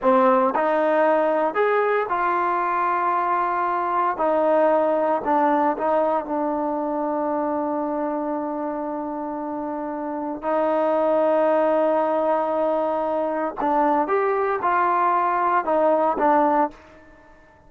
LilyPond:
\new Staff \with { instrumentName = "trombone" } { \time 4/4 \tempo 4 = 115 c'4 dis'2 gis'4 | f'1 | dis'2 d'4 dis'4 | d'1~ |
d'1 | dis'1~ | dis'2 d'4 g'4 | f'2 dis'4 d'4 | }